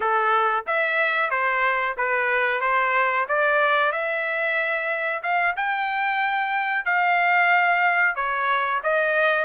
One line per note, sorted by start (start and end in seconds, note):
0.00 0.64 A4
0.66 1.30 E5
1.30 1.95 C5
1.97 2.61 B4
2.61 3.26 C5
3.28 3.91 D5
3.91 5.22 E5
5.23 5.55 F5
5.56 6.85 G5
6.85 8.15 F5
8.15 8.80 C#5
8.83 9.45 D#5